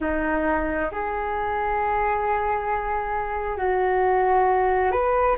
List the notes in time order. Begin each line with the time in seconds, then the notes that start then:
0.00 D#4
0.91 G#4
3.57 F#4
4.91 B4